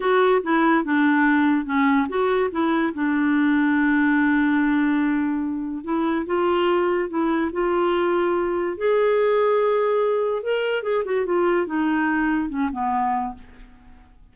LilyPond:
\new Staff \with { instrumentName = "clarinet" } { \time 4/4 \tempo 4 = 144 fis'4 e'4 d'2 | cis'4 fis'4 e'4 d'4~ | d'1~ | d'2 e'4 f'4~ |
f'4 e'4 f'2~ | f'4 gis'2.~ | gis'4 ais'4 gis'8 fis'8 f'4 | dis'2 cis'8 b4. | }